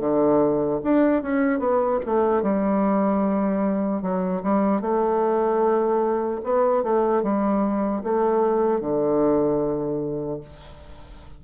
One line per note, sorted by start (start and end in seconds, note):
0.00 0.80 D3
0.84 1.22 D4
1.22 1.59 C#4
1.59 1.99 B3
2.05 2.42 A3
2.42 4.02 G3
4.02 4.42 F#3
4.43 4.81 G3
4.81 6.41 A3
6.43 6.83 B3
6.83 7.23 A3
7.23 8.03 G3
8.03 8.80 A3
8.80 10.40 D3